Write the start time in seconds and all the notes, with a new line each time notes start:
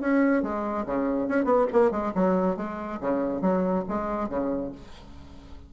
0.00 C#4
0.42 G#3
0.86 C#3
1.28 C#4
1.45 B3
1.72 A#3
1.91 G#3
2.15 F#3
2.57 G#3
3.01 C#3
3.41 F#3
3.88 G#3
4.29 C#3